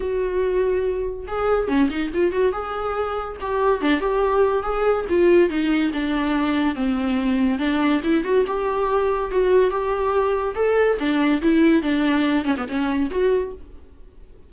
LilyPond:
\new Staff \with { instrumentName = "viola" } { \time 4/4 \tempo 4 = 142 fis'2. gis'4 | cis'8 dis'8 f'8 fis'8 gis'2 | g'4 d'8 g'4. gis'4 | f'4 dis'4 d'2 |
c'2 d'4 e'8 fis'8 | g'2 fis'4 g'4~ | g'4 a'4 d'4 e'4 | d'4. cis'16 b16 cis'4 fis'4 | }